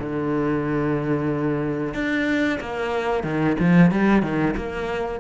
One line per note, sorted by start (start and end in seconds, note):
0.00 1.94 D3
1.94 2.59 D4
2.61 3.24 A#3
3.24 3.57 D#3
3.60 3.92 F3
3.92 4.23 G3
4.23 4.55 D#3
4.57 5.21 A#3